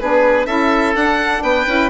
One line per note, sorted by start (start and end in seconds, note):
0.00 0.47 B3
0.00 0.47 D4
0.00 0.47 G#4
0.00 0.46 B4
0.46 0.95 C#4
0.46 0.95 E4
0.46 1.43 A4
0.46 0.94 E5
0.95 1.42 D4
0.95 1.67 D4
0.95 1.43 F#5
1.42 1.66 B3
1.42 1.90 B4
1.42 1.90 G5
1.67 1.90 C#4
1.67 1.90 E4